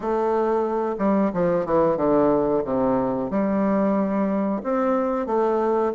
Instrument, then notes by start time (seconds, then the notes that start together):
bassoon
0.00 A3
0.98 G3
1.33 F3
1.65 E3
1.96 D3
2.64 C3
3.30 G3
4.63 C4
5.26 A3